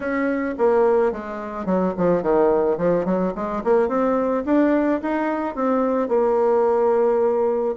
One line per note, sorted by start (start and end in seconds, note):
0.00 0.55 C#4
0.58 1.12 A#3
1.12 1.65 G#3
1.65 1.93 F#3
1.97 2.22 F3
2.22 2.77 D#3
2.77 3.05 F3
3.05 3.33 F#3
3.35 3.62 G#3
3.63 3.88 A#3
3.88 4.43 C4
4.45 5.00 D4
5.02 5.55 D#4
5.55 6.08 C4
6.08 7.75 A#3